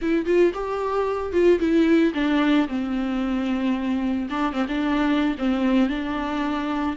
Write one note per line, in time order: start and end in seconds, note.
0.01 0.25 E4
0.25 0.52 F4
0.54 1.32 G4
1.32 1.59 F4
1.59 2.13 E4
2.14 2.67 D4
2.68 4.29 C4
4.30 4.52 D4
4.52 4.66 C4
4.68 5.35 D4
5.38 5.89 C4
5.89 6.96 D4